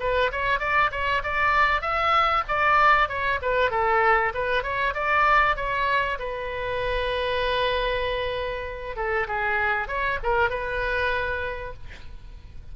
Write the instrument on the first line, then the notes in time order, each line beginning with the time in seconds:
oboe
0.00 B4
0.32 C#5
0.60 D5
0.91 C#5
1.24 D5
1.82 E5
2.49 D5
3.09 C#5
3.42 B4
3.71 A4
4.34 B4
4.63 C#5
4.95 D5
5.56 C#5
6.19 B4
8.96 A4
9.28 G#4
9.88 C#5
10.23 A#4
10.50 B4